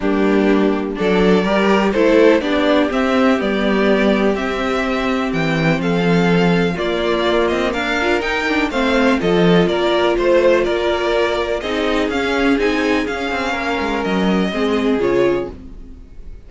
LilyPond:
<<
  \new Staff \with { instrumentName = "violin" } { \time 4/4 \tempo 4 = 124 g'2 d''2 | c''4 d''4 e''4 d''4~ | d''4 e''2 g''4 | f''2 d''4. dis''8 |
f''4 g''4 f''4 dis''4 | d''4 c''4 d''2 | dis''4 f''4 gis''4 f''4~ | f''4 dis''2 cis''4 | }
  \new Staff \with { instrumentName = "violin" } { \time 4/4 d'2 a'4 ais'4 | a'4 g'2.~ | g'1 | a'2 f'2 |
ais'2 c''4 a'4 | ais'4 c''4 ais'2 | gis'1 | ais'2 gis'2 | }
  \new Staff \with { instrumentName = "viola" } { \time 4/4 ais2 d'4 g'4 | e'4 d'4 c'4 b4~ | b4 c'2.~ | c'2 ais2~ |
ais8 f'8 dis'8 d'8 c'4 f'4~ | f'1 | dis'4 cis'4 dis'4 cis'4~ | cis'2 c'4 f'4 | }
  \new Staff \with { instrumentName = "cello" } { \time 4/4 g2 fis4 g4 | a4 b4 c'4 g4~ | g4 c'2 e4 | f2 ais4. c'8 |
d'4 dis'4 a4 f4 | ais4 a4 ais2 | c'4 cis'4 c'4 cis'8 c'8 | ais8 gis8 fis4 gis4 cis4 | }
>>